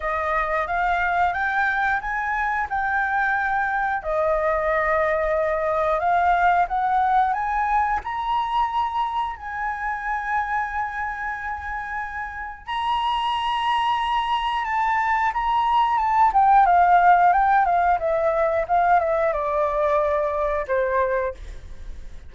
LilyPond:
\new Staff \with { instrumentName = "flute" } { \time 4/4 \tempo 4 = 90 dis''4 f''4 g''4 gis''4 | g''2 dis''2~ | dis''4 f''4 fis''4 gis''4 | ais''2 gis''2~ |
gis''2. ais''4~ | ais''2 a''4 ais''4 | a''8 g''8 f''4 g''8 f''8 e''4 | f''8 e''8 d''2 c''4 | }